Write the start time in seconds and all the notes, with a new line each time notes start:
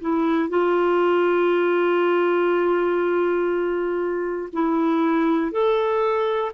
0.00 E4
0.49 F4
4.52 E4
5.51 A4